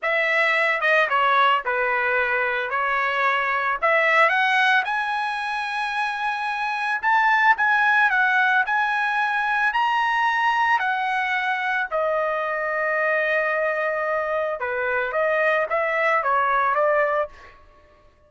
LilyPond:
\new Staff \with { instrumentName = "trumpet" } { \time 4/4 \tempo 4 = 111 e''4. dis''8 cis''4 b'4~ | b'4 cis''2 e''4 | fis''4 gis''2.~ | gis''4 a''4 gis''4 fis''4 |
gis''2 ais''2 | fis''2 dis''2~ | dis''2. b'4 | dis''4 e''4 cis''4 d''4 | }